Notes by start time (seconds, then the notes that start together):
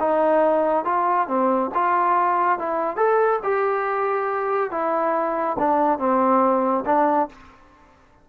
0.00 D#4
0.85 F4
1.28 C4
1.75 F4
2.59 E4
2.97 A4
3.44 G4
4.71 E4
5.59 D4
5.99 C4
6.86 D4